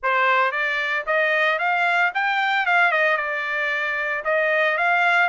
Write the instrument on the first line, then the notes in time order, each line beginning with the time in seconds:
trumpet
0.02 C5
0.51 D5
1.06 D#5
1.59 F5
2.14 G5
2.65 F5
2.91 D#5
3.17 D5
4.24 D#5
4.77 F5